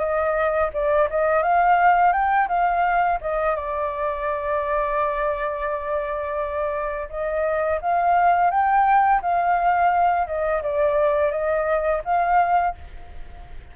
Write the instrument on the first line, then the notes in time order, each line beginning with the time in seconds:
flute
0.00 D#5
0.74 D5
1.11 D#5
1.43 F5
2.13 G5
2.49 F5
3.22 D#5
3.56 D5
7.10 D#5
7.82 F5
8.51 G5
9.22 F5
10.27 D#5
10.63 D5
11.32 D#5
12.05 F5